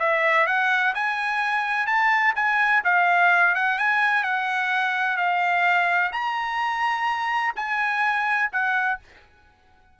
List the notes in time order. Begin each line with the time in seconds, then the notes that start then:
0.00 E5
0.47 F#5
0.95 G#5
1.87 A5
2.36 G#5
2.85 F5
3.56 F#5
3.79 G#5
4.24 F#5
5.17 F5
6.13 A#5
7.56 G#5
8.53 F#5